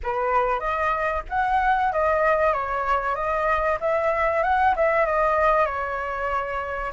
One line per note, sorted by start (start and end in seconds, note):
0.03 0.59 B4
0.59 1.22 D#5
1.29 1.92 F#5
1.92 2.53 D#5
2.53 3.15 C#5
3.15 3.78 D#5
3.80 4.43 E5
4.43 4.75 F#5
4.76 5.06 E5
5.06 5.65 D#5
5.65 6.92 C#5